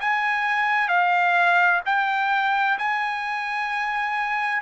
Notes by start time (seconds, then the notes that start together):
0.00 G#5
0.88 F5
1.85 G5
2.78 G#5